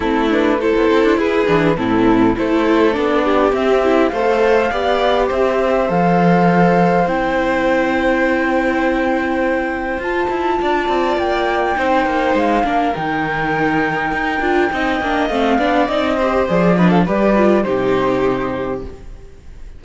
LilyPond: <<
  \new Staff \with { instrumentName = "flute" } { \time 4/4 \tempo 4 = 102 a'8 b'8 c''4 b'4 a'4 | c''4 d''4 e''4 f''4~ | f''4 e''4 f''2 | g''1~ |
g''4 a''2 g''4~ | g''4 f''4 g''2~ | g''2 f''4 dis''4 | d''8 dis''16 f''16 d''4 c''2 | }
  \new Staff \with { instrumentName = "violin" } { \time 4/4 e'4 a'4 gis'4 e'4 | a'4. g'4. c''4 | d''4 c''2.~ | c''1~ |
c''2 d''2 | c''4. ais'2~ ais'8~ | ais'4 dis''4. d''4 c''8~ | c''8 b'16 a'16 b'4 g'2 | }
  \new Staff \with { instrumentName = "viola" } { \time 4/4 c'8 d'8 e'4. d'8 c'4 | e'4 d'4 c'8 e'8 a'4 | g'2 a'2 | e'1~ |
e'4 f'2. | dis'4. d'8 dis'2~ | dis'8 f'8 dis'8 d'8 c'8 d'8 dis'8 g'8 | gis'8 d'8 g'8 f'8 dis'2 | }
  \new Staff \with { instrumentName = "cello" } { \time 4/4 a4~ a16 b16 c'16 d'16 e'8 e8 a,4 | a4 b4 c'4 a4 | b4 c'4 f2 | c'1~ |
c'4 f'8 e'8 d'8 c'8 ais4 | c'8 ais8 gis8 ais8 dis2 | dis'8 d'8 c'8 ais8 a8 b8 c'4 | f4 g4 c2 | }
>>